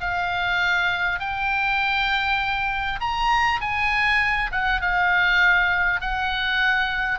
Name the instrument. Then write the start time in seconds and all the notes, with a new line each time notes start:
oboe
0.00 F5
1.19 G5
3.00 A#5
3.60 G#5
4.51 F#5
4.81 F5
6.01 F#5